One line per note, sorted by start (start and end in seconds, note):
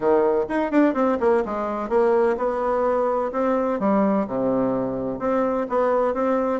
0.00 0.45 D#3
0.48 0.71 D#4
0.71 0.94 D4
0.94 1.17 C4
1.20 1.43 A#3
1.45 1.89 G#3
1.89 2.36 A#3
2.37 3.31 B3
3.32 3.79 C4
3.79 4.26 G3
4.27 5.19 C3
5.19 5.66 C4
5.69 6.14 B3
6.14 6.60 C4